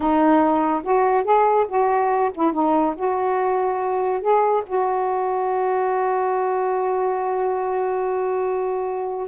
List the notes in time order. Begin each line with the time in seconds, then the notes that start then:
0.00 D#4
0.83 F#4
1.24 G#4
1.68 F#4
2.34 E4
2.52 D#4
2.96 F#4
4.21 G#4
4.66 F#4